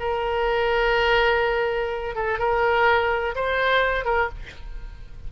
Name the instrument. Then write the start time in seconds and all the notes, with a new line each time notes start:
oboe
0.00 A#4
2.16 A4
2.39 A#4
3.35 C5
4.05 A#4